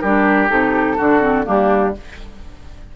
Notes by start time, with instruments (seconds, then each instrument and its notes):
0.00 bassoon G3, clarinet D4, oboe G4, flute A#4
0.48 bassoon C3, clarinet D#4, flute A4
0.97 bassoon D3, clarinet D4, oboe F#4
1.21 clarinet C4
1.44 bassoon G3, clarinet A#3, oboe D4, flute G4